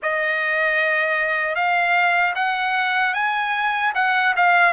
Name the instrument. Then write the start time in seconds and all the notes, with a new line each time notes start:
trumpet
0.02 D#5
1.55 F5
2.35 F#5
3.14 G#5
3.95 F#5
4.36 F5